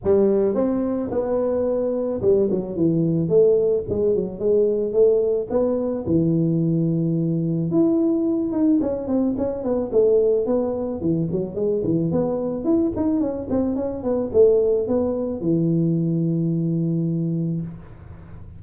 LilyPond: \new Staff \with { instrumentName = "tuba" } { \time 4/4 \tempo 4 = 109 g4 c'4 b2 | g8 fis8 e4 a4 gis8 fis8 | gis4 a4 b4 e4~ | e2 e'4. dis'8 |
cis'8 c'8 cis'8 b8 a4 b4 | e8 fis8 gis8 e8 b4 e'8 dis'8 | cis'8 c'8 cis'8 b8 a4 b4 | e1 | }